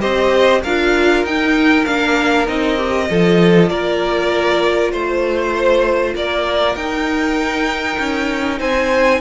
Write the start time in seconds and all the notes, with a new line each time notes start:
0.00 C4 G4 C5 D#5
0.62 D4 F4 A#4 F5
1.24 D#4 G5
1.85 A#3 D4 F5
2.46 C4 D#4 D#5
2.77 G4
3.10 F3 F4 A4
3.69 A#3 A#4 D5
4.91 A3 C5
6.14 A#3 A#4 D5
6.75 D#4 G5
7.98 C#4
8.59 C4 C5 G#5